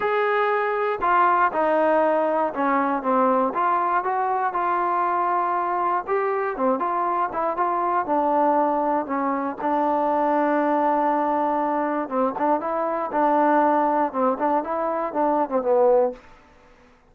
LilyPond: \new Staff \with { instrumentName = "trombone" } { \time 4/4 \tempo 4 = 119 gis'2 f'4 dis'4~ | dis'4 cis'4 c'4 f'4 | fis'4 f'2. | g'4 c'8 f'4 e'8 f'4 |
d'2 cis'4 d'4~ | d'1 | c'8 d'8 e'4 d'2 | c'8 d'8 e'4 d'8. c'16 b4 | }